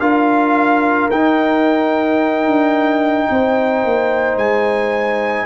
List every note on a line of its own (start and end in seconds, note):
0.00 1.09 D4
0.00 1.11 F4
0.00 3.28 A#4
0.00 1.09 F5
1.11 2.46 D#4
1.11 5.47 D#4
1.11 4.38 G5
2.46 3.27 D4
3.30 3.84 C4
3.30 5.47 C5
3.84 4.36 A#3
4.36 5.45 G#3
4.36 5.47 G#5